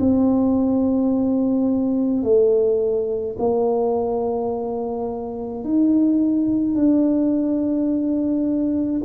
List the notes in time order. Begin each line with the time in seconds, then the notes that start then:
0.00 C4
2.24 A3
3.39 A#3
5.64 D#4
6.76 D4